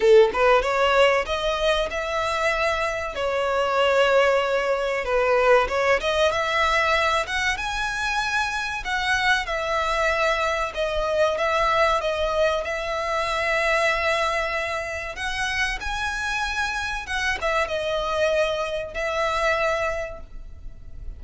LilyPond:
\new Staff \with { instrumentName = "violin" } { \time 4/4 \tempo 4 = 95 a'8 b'8 cis''4 dis''4 e''4~ | e''4 cis''2. | b'4 cis''8 dis''8 e''4. fis''8 | gis''2 fis''4 e''4~ |
e''4 dis''4 e''4 dis''4 | e''1 | fis''4 gis''2 fis''8 e''8 | dis''2 e''2 | }